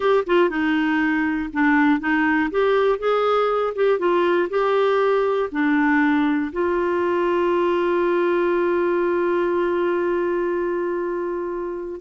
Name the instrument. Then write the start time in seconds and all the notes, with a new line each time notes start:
clarinet
0.00 G4
0.26 F4
0.49 D#4
1.52 D4
2.00 D#4
2.50 G4
2.98 G#4
3.75 G4
3.98 F4
4.49 G4
5.51 D4
6.52 F4